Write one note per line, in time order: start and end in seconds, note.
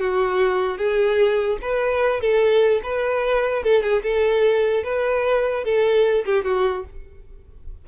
0.00 0.77 F#4
0.77 1.58 G#4
1.61 2.21 B4
2.21 2.81 A4
2.83 3.63 B4
3.63 3.82 A4
3.82 4.02 G#4
4.03 4.83 A4
4.83 5.64 B4
5.64 6.24 A4
6.25 6.44 G4
6.44 6.85 F#4